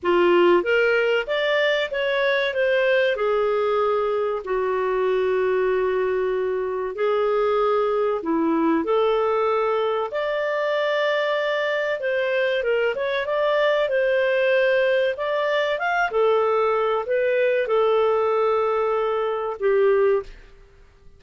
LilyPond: \new Staff \with { instrumentName = "clarinet" } { \time 4/4 \tempo 4 = 95 f'4 ais'4 d''4 cis''4 | c''4 gis'2 fis'4~ | fis'2. gis'4~ | gis'4 e'4 a'2 |
d''2. c''4 | ais'8 cis''8 d''4 c''2 | d''4 f''8 a'4. b'4 | a'2. g'4 | }